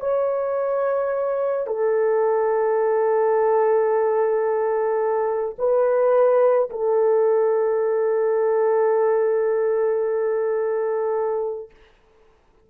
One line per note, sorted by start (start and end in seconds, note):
0.00 1.67 C#5
1.67 5.56 A4
5.58 6.69 B4
6.70 11.70 A4